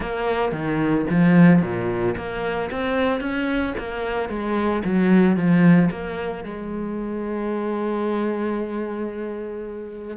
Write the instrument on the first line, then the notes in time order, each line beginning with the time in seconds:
cello
0.00 A#3
0.51 D#3
1.10 F3
1.61 A#2
2.16 A#3
2.70 C4
3.20 C#4
3.78 A#3
4.29 G#3
4.84 F#3
5.36 F3
5.90 A#3
6.44 G#3